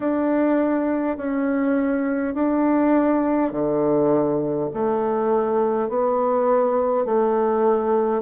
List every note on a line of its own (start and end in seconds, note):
0.00 1.17 D4
1.17 2.34 C#4
2.34 3.51 D4
3.51 4.69 D3
4.73 5.88 A3
5.88 7.05 B3
7.05 8.22 A3